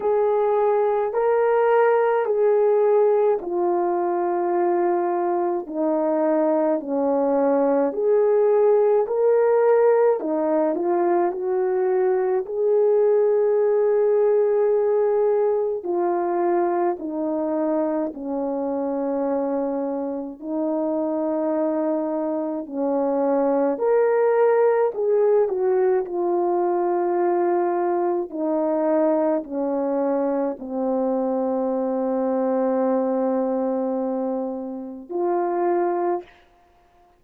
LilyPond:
\new Staff \with { instrumentName = "horn" } { \time 4/4 \tempo 4 = 53 gis'4 ais'4 gis'4 f'4~ | f'4 dis'4 cis'4 gis'4 | ais'4 dis'8 f'8 fis'4 gis'4~ | gis'2 f'4 dis'4 |
cis'2 dis'2 | cis'4 ais'4 gis'8 fis'8 f'4~ | f'4 dis'4 cis'4 c'4~ | c'2. f'4 | }